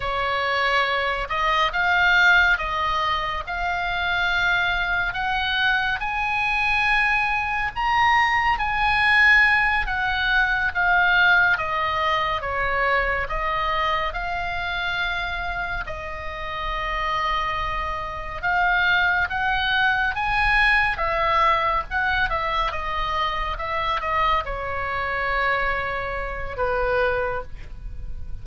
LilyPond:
\new Staff \with { instrumentName = "oboe" } { \time 4/4 \tempo 4 = 70 cis''4. dis''8 f''4 dis''4 | f''2 fis''4 gis''4~ | gis''4 ais''4 gis''4. fis''8~ | fis''8 f''4 dis''4 cis''4 dis''8~ |
dis''8 f''2 dis''4.~ | dis''4. f''4 fis''4 gis''8~ | gis''8 e''4 fis''8 e''8 dis''4 e''8 | dis''8 cis''2~ cis''8 b'4 | }